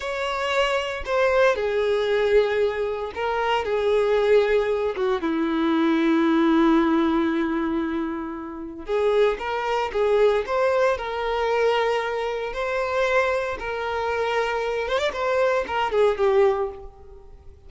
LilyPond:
\new Staff \with { instrumentName = "violin" } { \time 4/4 \tempo 4 = 115 cis''2 c''4 gis'4~ | gis'2 ais'4 gis'4~ | gis'4. fis'8 e'2~ | e'1~ |
e'4 gis'4 ais'4 gis'4 | c''4 ais'2. | c''2 ais'2~ | ais'8 c''16 d''16 c''4 ais'8 gis'8 g'4 | }